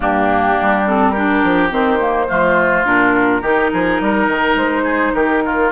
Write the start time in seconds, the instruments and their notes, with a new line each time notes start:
0.00 bassoon G2, clarinet A#3, oboe D4, flute G4
0.61 bassoon G3
0.86 clarinet C4, flute A4
1.11 clarinet D4, oboe G4, flute A#4
1.43 bassoon F3
1.70 bassoon D#3, clarinet C4, flute C5
1.99 clarinet A#3
2.27 bassoon F3, clarinet A3, oboe F4
2.84 bassoon A#2, clarinet D4, flute A#4
3.41 bassoon D#3, clarinet D#4, oboe G4
3.73 bassoon F3, oboe G#4
4.00 bassoon G3, oboe A#4
4.27 bassoon D#3
4.55 bassoon G#3, flute C5
4.83 oboe G#4
5.14 bassoon D#3, oboe G4, flute A#4
5.45 oboe F4